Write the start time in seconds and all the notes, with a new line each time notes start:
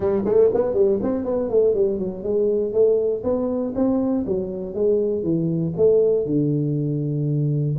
0.00 G3
0.25 A3
0.54 B3
0.74 G3
1.02 C4
1.24 B3
1.49 A3
1.74 G3
1.98 F#3
2.23 G#3
2.73 A3
3.23 B3
3.75 C4
4.26 F#3
4.74 G#3
5.22 E3
5.77 A3
6.25 D3